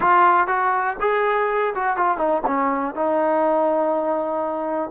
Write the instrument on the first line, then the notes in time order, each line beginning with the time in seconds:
trombone
0.00 F4
0.47 F#4
1.00 G#4
1.75 F#4
1.96 F4
2.17 D#4
2.46 C#4
2.95 D#4